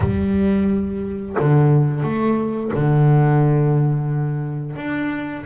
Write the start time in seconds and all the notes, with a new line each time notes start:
0.00 G3
1.39 D3
2.03 A3
2.73 D3
4.76 D4